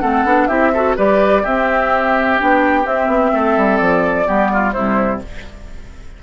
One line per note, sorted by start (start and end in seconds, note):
0.00 0.24 A3
0.00 0.25 C4
0.00 0.48 A4
0.00 0.47 F#5
0.24 0.48 B3
0.24 0.49 D4
0.47 0.96 C4
0.47 0.73 E4
0.47 0.71 G4
0.47 0.94 E5
0.73 0.97 F#4
0.73 0.96 A4
0.96 1.44 G3
0.96 1.44 G4
0.96 1.42 B4
0.96 1.45 D5
1.42 2.38 C4
1.42 2.39 C4
1.42 3.31 G4
1.42 2.39 E5
2.38 2.85 B3
2.38 2.83 D4
2.38 2.86 G5
2.83 4.25 C4
2.83 3.07 C4
2.83 3.77 E5
3.07 3.31 B3
3.33 3.56 A3
3.33 4.27 A4
3.56 3.80 G3
3.77 4.27 F3
3.77 4.71 D5
4.25 4.75 G3
4.25 4.72 B3
4.25 4.50 G4
4.53 4.73 F4
4.71 5.23 C3
4.71 5.23 G3
4.71 5.20 E4
4.71 5.19 C5